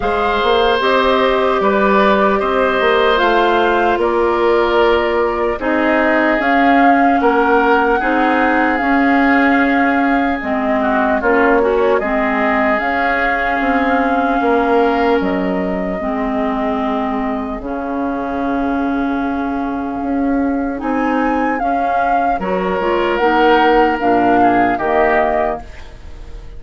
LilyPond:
<<
  \new Staff \with { instrumentName = "flute" } { \time 4/4 \tempo 4 = 75 f''4 dis''4 d''4 dis''4 | f''4 d''2 dis''4 | f''4 fis''2 f''4~ | f''4 dis''4 cis''4 dis''4 |
f''2. dis''4~ | dis''2 f''2~ | f''2 gis''4 f''4 | cis''4 fis''4 f''4 dis''4 | }
  \new Staff \with { instrumentName = "oboe" } { \time 4/4 c''2 b'4 c''4~ | c''4 ais'2 gis'4~ | gis'4 ais'4 gis'2~ | gis'4. fis'8 f'8 cis'8 gis'4~ |
gis'2 ais'2 | gis'1~ | gis'1 | ais'2~ ais'8 gis'8 g'4 | }
  \new Staff \with { instrumentName = "clarinet" } { \time 4/4 gis'4 g'2. | f'2. dis'4 | cis'2 dis'4 cis'4~ | cis'4 c'4 cis'8 fis'8 c'4 |
cis'1 | c'2 cis'2~ | cis'2 dis'4 cis'4 | fis'8 f'8 dis'4 d'4 ais4 | }
  \new Staff \with { instrumentName = "bassoon" } { \time 4/4 gis8 ais8 c'4 g4 c'8 ais8 | a4 ais2 c'4 | cis'4 ais4 c'4 cis'4~ | cis'4 gis4 ais4 gis4 |
cis'4 c'4 ais4 fis4 | gis2 cis2~ | cis4 cis'4 c'4 cis'4 | fis8 gis8 ais4 ais,4 dis4 | }
>>